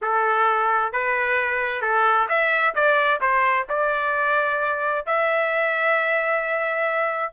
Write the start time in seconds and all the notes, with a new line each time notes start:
0.01 A4
0.92 B4
1.81 A4
2.28 E5
2.74 D5
3.21 C5
3.69 D5
5.06 E5